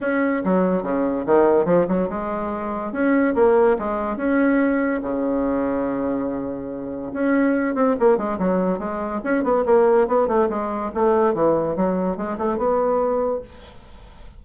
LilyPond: \new Staff \with { instrumentName = "bassoon" } { \time 4/4 \tempo 4 = 143 cis'4 fis4 cis4 dis4 | f8 fis8 gis2 cis'4 | ais4 gis4 cis'2 | cis1~ |
cis4 cis'4. c'8 ais8 gis8 | fis4 gis4 cis'8 b8 ais4 | b8 a8 gis4 a4 e4 | fis4 gis8 a8 b2 | }